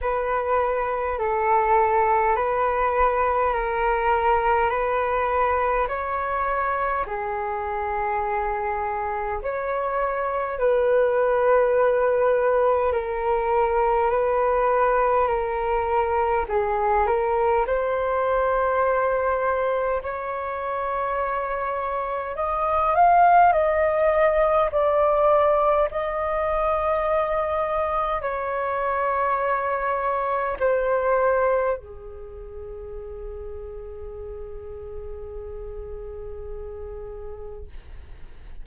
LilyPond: \new Staff \with { instrumentName = "flute" } { \time 4/4 \tempo 4 = 51 b'4 a'4 b'4 ais'4 | b'4 cis''4 gis'2 | cis''4 b'2 ais'4 | b'4 ais'4 gis'8 ais'8 c''4~ |
c''4 cis''2 dis''8 f''8 | dis''4 d''4 dis''2 | cis''2 c''4 gis'4~ | gis'1 | }